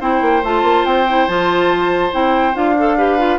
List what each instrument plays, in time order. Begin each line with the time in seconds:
0.00 bassoon C4, clarinet E4, oboe C5, flute G5
0.21 bassoon A#3
0.43 bassoon A3, clarinet F4, flute A5
0.62 bassoon A#3
0.84 bassoon C4, flute G5
1.08 clarinet E4
1.27 bassoon F3, clarinet F4, flute A5
2.11 bassoon C4, clarinet E4, flute G5
2.54 bassoon D4, clarinet F4, flute F5
2.78 clarinet A4
2.97 clarinet G4, oboe B4
3.18 clarinet F4